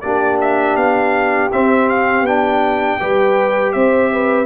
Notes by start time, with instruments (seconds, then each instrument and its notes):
0.00 tuba A#3, trombone D4, horn G4, trumpet D5
0.40 trumpet E5
0.76 tuba B3, trumpet F5
1.52 tuba C4, trombone C4, trumpet E5
1.88 trumpet F5
2.21 tuba B3, trombone D4, trumpet G5
3.00 tuba G3, trombone G4, horn B4
3.72 tuba C4, horn C5, trumpet E5
4.12 horn B4